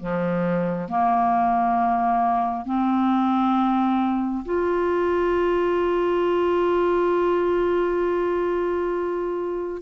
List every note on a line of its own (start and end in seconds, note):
0.00 0.89 F3
0.89 2.65 A#3
2.65 4.45 C4
4.45 9.82 F4